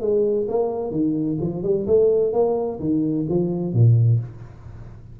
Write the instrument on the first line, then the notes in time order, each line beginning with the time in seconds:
tuba
0.00 G#3
0.48 A#3
0.91 D#3
1.41 F3
1.63 G3
1.87 A3
2.33 A#3
2.79 D#3
3.29 F3
3.73 A#2